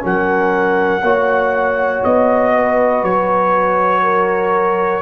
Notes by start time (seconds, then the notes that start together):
0.00 F#3 C#4 A#4 F#5
1.01 A#3 F#4 C#5
2.04 B3 D#5
2.55 B4
3.03 F#3 C#5
4.02 A#4